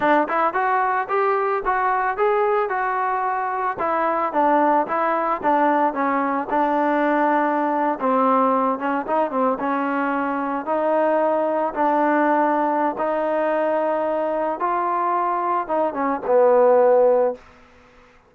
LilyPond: \new Staff \with { instrumentName = "trombone" } { \time 4/4 \tempo 4 = 111 d'8 e'8 fis'4 g'4 fis'4 | gis'4 fis'2 e'4 | d'4 e'4 d'4 cis'4 | d'2~ d'8. c'4~ c'16~ |
c'16 cis'8 dis'8 c'8 cis'2 dis'16~ | dis'4.~ dis'16 d'2~ d'16 | dis'2. f'4~ | f'4 dis'8 cis'8 b2 | }